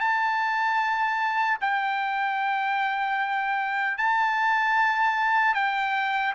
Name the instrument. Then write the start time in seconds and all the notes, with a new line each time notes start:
trumpet
0.00 A5
1.61 G5
3.98 A5
5.54 G5